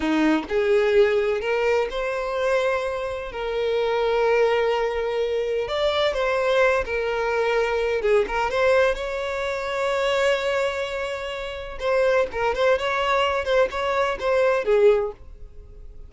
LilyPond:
\new Staff \with { instrumentName = "violin" } { \time 4/4 \tempo 4 = 127 dis'4 gis'2 ais'4 | c''2. ais'4~ | ais'1 | d''4 c''4. ais'4.~ |
ais'4 gis'8 ais'8 c''4 cis''4~ | cis''1~ | cis''4 c''4 ais'8 c''8 cis''4~ | cis''8 c''8 cis''4 c''4 gis'4 | }